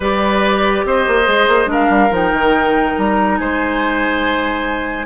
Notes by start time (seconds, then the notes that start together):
0.00 G3 G4 B4 D5
0.85 C4 C5 D#5
1.07 A#3
1.25 G#3 G#4
1.48 A#3
1.66 G#3 D4 A#4 F5
1.89 G3
2.10 F3 D#4 G5
2.32 D#3
2.97 G3 A#5
3.37 G#3 C5 G#5